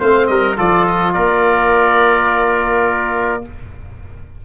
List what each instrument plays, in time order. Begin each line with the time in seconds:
0.00 tuba A3, trombone C4, trumpet C5, oboe F5
0.27 tuba G3, trumpet A#4, oboe D#5
0.57 tuba F3, trombone F4, trumpet A4, oboe D5
0.86 oboe D#5
1.13 tuba A#3, trumpet A#4, oboe D5